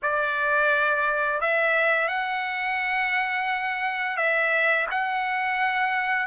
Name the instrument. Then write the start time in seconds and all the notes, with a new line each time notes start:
trumpet
0.02 D5
1.40 E5
2.08 F#5
4.16 E5
4.90 F#5